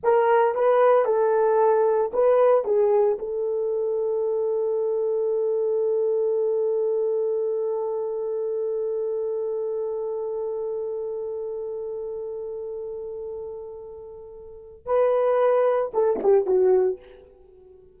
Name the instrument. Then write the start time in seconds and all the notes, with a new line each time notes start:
horn
0.03 A#4
0.54 B4
1.05 A4
2.13 B4
2.64 G#4
3.19 A4
14.85 B4
15.93 A4
16.22 G4
16.46 F#4